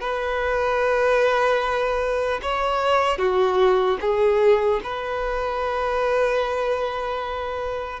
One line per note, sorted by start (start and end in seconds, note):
0.00 2.40 B4
2.42 3.17 C#5
3.17 3.97 F#4
4.00 4.80 G#4
4.83 8.00 B4